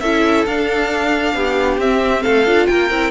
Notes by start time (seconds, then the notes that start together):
0.00 C#4 E4 A4 E5
0.46 D4 F5
1.34 B3 G4
1.77 C4 E5
2.23 A3 A4 F5
2.46 D4 F4
2.67 A#3 A#4 G5
2.90 C4 E4